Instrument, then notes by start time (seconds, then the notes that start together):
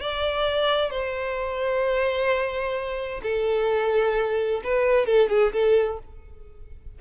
violin
0.00 D5
0.90 C5
3.23 A4
4.63 B4
5.06 A4
5.29 G#4
5.52 A4